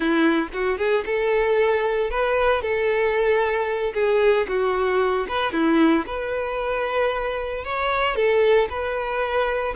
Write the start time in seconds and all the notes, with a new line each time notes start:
0.00 E4
0.53 F#4
0.78 G#4
1.05 A4
2.10 B4
2.61 A4
3.94 G#4
4.47 F#4
5.28 B4
5.52 E4
6.06 B4
7.64 C#5
8.15 A4
8.69 B4